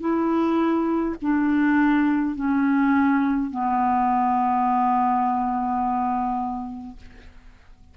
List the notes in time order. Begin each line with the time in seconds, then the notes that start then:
0.00 E4
1.22 D4
2.35 C#4
3.50 B3